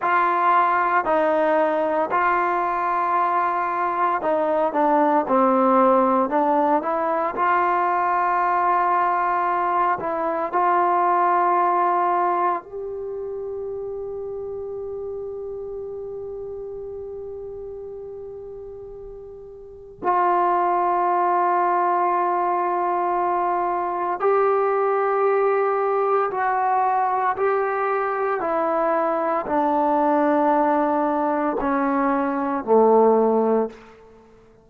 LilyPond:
\new Staff \with { instrumentName = "trombone" } { \time 4/4 \tempo 4 = 57 f'4 dis'4 f'2 | dis'8 d'8 c'4 d'8 e'8 f'4~ | f'4. e'8 f'2 | g'1~ |
g'2. f'4~ | f'2. g'4~ | g'4 fis'4 g'4 e'4 | d'2 cis'4 a4 | }